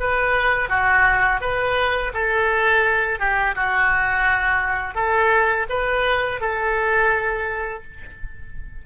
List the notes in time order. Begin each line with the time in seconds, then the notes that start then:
0.00 B4
0.69 F#4
1.41 B4
2.14 A4
3.20 G4
3.56 F#4
4.95 A4
5.70 B4
6.41 A4